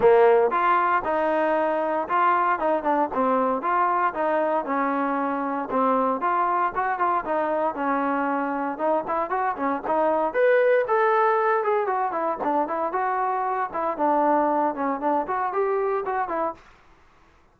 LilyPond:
\new Staff \with { instrumentName = "trombone" } { \time 4/4 \tempo 4 = 116 ais4 f'4 dis'2 | f'4 dis'8 d'8 c'4 f'4 | dis'4 cis'2 c'4 | f'4 fis'8 f'8 dis'4 cis'4~ |
cis'4 dis'8 e'8 fis'8 cis'8 dis'4 | b'4 a'4. gis'8 fis'8 e'8 | d'8 e'8 fis'4. e'8 d'4~ | d'8 cis'8 d'8 fis'8 g'4 fis'8 e'8 | }